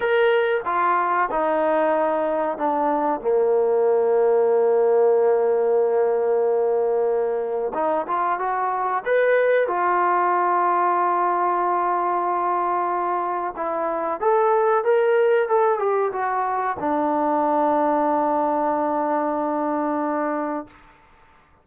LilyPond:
\new Staff \with { instrumentName = "trombone" } { \time 4/4 \tempo 4 = 93 ais'4 f'4 dis'2 | d'4 ais2.~ | ais1 | dis'8 f'8 fis'4 b'4 f'4~ |
f'1~ | f'4 e'4 a'4 ais'4 | a'8 g'8 fis'4 d'2~ | d'1 | }